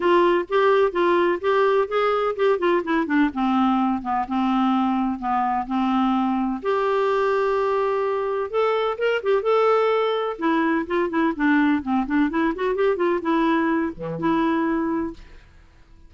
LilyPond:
\new Staff \with { instrumentName = "clarinet" } { \time 4/4 \tempo 4 = 127 f'4 g'4 f'4 g'4 | gis'4 g'8 f'8 e'8 d'8 c'4~ | c'8 b8 c'2 b4 | c'2 g'2~ |
g'2 a'4 ais'8 g'8 | a'2 e'4 f'8 e'8 | d'4 c'8 d'8 e'8 fis'8 g'8 f'8 | e'4. e8 e'2 | }